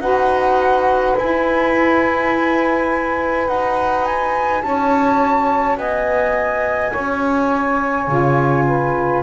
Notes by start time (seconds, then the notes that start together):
0.00 D#4 F#4 B4 F#5
1.17 E4 G#5
3.47 D#4 F#4 F#5
4.05 G#5
4.62 C#4 C#5 A5
5.77 B3 D#5 G#5
6.91 C#4 C#5
8.08 C#3 F4
8.67 B4